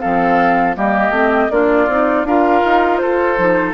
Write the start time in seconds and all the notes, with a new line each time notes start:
0.00 F3 C4 A4 F5
0.75 G3 A#3 G4 D#5
1.10 A3 C4
1.50 A#3 D4 F4 D5
1.87 C4 D#4
2.24 D4 F4 A#4 F5
2.64 D#4
2.98 F4 A4 C5
3.37 F3 D#4